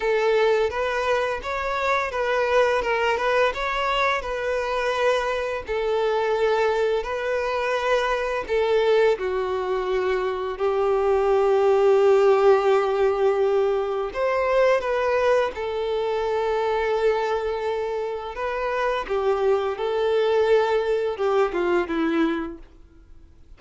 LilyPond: \new Staff \with { instrumentName = "violin" } { \time 4/4 \tempo 4 = 85 a'4 b'4 cis''4 b'4 | ais'8 b'8 cis''4 b'2 | a'2 b'2 | a'4 fis'2 g'4~ |
g'1 | c''4 b'4 a'2~ | a'2 b'4 g'4 | a'2 g'8 f'8 e'4 | }